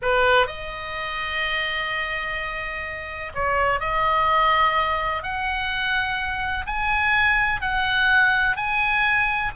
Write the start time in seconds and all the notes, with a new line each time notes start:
0.02 B4
0.46 D#5
3.34 C#5
3.80 D#5
5.22 F#5
6.66 G#5
7.61 F#5
8.56 G#5